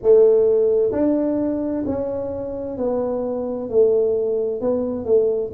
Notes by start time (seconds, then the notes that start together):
0.02 A3
0.92 D4
1.85 C#4
2.77 B3
3.69 A3
4.60 B3
5.05 A3